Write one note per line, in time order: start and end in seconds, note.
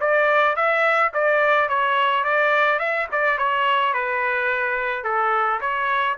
0.00 0.55 D5
0.55 1.11 E5
1.13 1.68 D5
1.68 2.24 C#5
2.24 2.79 D5
2.79 3.07 E5
3.11 3.38 D5
3.38 3.93 C#5
3.93 5.04 B4
5.04 5.60 A4
5.60 6.16 C#5